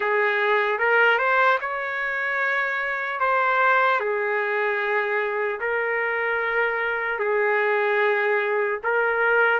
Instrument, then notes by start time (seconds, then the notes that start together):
trumpet
0.00 G#4
0.78 A#4
1.18 C5
1.60 C#5
3.20 C5
4.00 G#4
5.60 A#4
7.19 G#4
8.83 A#4